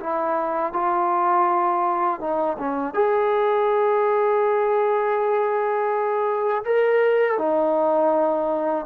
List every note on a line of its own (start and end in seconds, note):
0.00 0.73 E4
0.73 2.21 F4
2.21 2.58 D#4
2.59 2.94 C#4
2.94 6.64 G#4
6.65 7.38 A#4
7.38 8.86 D#4